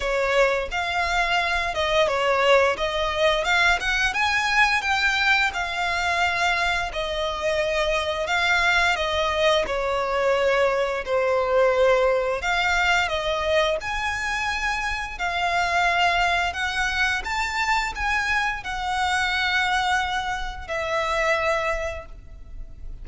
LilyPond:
\new Staff \with { instrumentName = "violin" } { \time 4/4 \tempo 4 = 87 cis''4 f''4. dis''8 cis''4 | dis''4 f''8 fis''8 gis''4 g''4 | f''2 dis''2 | f''4 dis''4 cis''2 |
c''2 f''4 dis''4 | gis''2 f''2 | fis''4 a''4 gis''4 fis''4~ | fis''2 e''2 | }